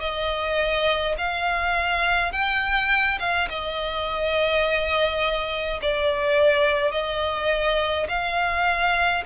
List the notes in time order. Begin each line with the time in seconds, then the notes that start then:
0.00 D#5
1.18 F5
2.32 G5
3.19 F5
3.50 D#5
5.82 D5
6.92 D#5
8.09 F5